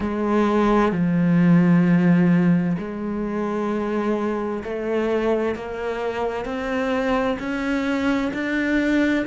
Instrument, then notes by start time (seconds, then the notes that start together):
cello
0.00 G#3
0.91 F3
2.78 G#3
4.63 A3
5.55 A#3
6.45 C4
7.39 C#4
8.33 D4